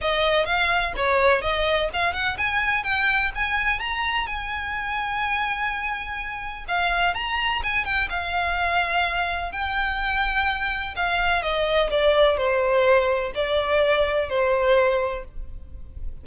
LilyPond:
\new Staff \with { instrumentName = "violin" } { \time 4/4 \tempo 4 = 126 dis''4 f''4 cis''4 dis''4 | f''8 fis''8 gis''4 g''4 gis''4 | ais''4 gis''2.~ | gis''2 f''4 ais''4 |
gis''8 g''8 f''2. | g''2. f''4 | dis''4 d''4 c''2 | d''2 c''2 | }